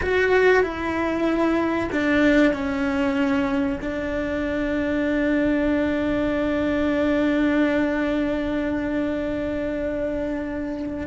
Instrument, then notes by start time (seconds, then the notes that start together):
cello
0.01 F#4
0.63 E4
1.91 D4
2.53 C#4
3.81 D4